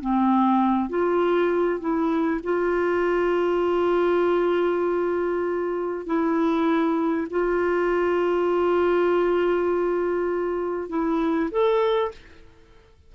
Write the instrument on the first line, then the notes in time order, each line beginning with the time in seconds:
clarinet
0.00 C4
0.89 F4
1.80 E4
2.43 F4
6.06 E4
7.30 F4
10.89 E4
11.50 A4